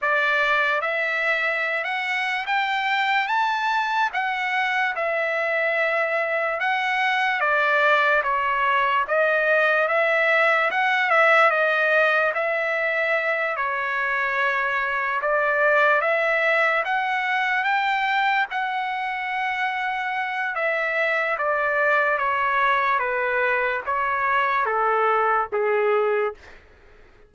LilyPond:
\new Staff \with { instrumentName = "trumpet" } { \time 4/4 \tempo 4 = 73 d''4 e''4~ e''16 fis''8. g''4 | a''4 fis''4 e''2 | fis''4 d''4 cis''4 dis''4 | e''4 fis''8 e''8 dis''4 e''4~ |
e''8 cis''2 d''4 e''8~ | e''8 fis''4 g''4 fis''4.~ | fis''4 e''4 d''4 cis''4 | b'4 cis''4 a'4 gis'4 | }